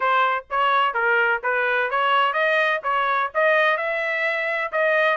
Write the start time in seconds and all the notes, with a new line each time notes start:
0.00 C5
0.49 C#5
0.93 A#4
1.43 B4
1.90 C#5
2.33 D#5
2.83 C#5
3.34 D#5
3.77 E5
4.72 D#5